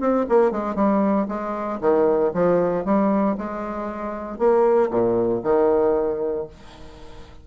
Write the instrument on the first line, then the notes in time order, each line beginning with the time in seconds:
bassoon
0.00 C4
0.29 A#3
0.51 G#3
0.75 G3
1.28 G#3
1.81 D#3
2.34 F3
2.85 G3
3.38 G#3
4.38 A#3
4.90 A#2
5.43 D#3